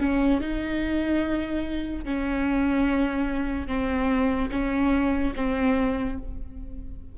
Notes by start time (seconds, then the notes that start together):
0.00 C#4
0.41 D#4
2.05 C#4
3.68 C4
4.51 C#4
5.36 C4